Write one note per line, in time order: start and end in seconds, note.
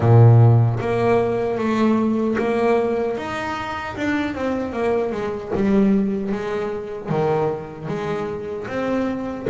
0.00 0.79 A#2
0.80 1.58 A#3
1.58 2.36 A3
2.38 3.17 A#3
3.17 3.95 D#4
3.96 4.35 D4
4.35 4.73 C4
4.73 5.12 A#3
5.12 5.51 G#3
5.55 6.32 G3
6.32 7.09 G#3
7.09 7.87 D#3
7.87 8.66 G#3
8.67 9.46 C4